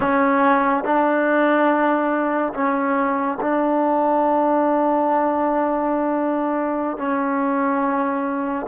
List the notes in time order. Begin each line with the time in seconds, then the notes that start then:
0.00 C#4
0.84 D4
2.54 C#4
3.40 D4
6.97 C#4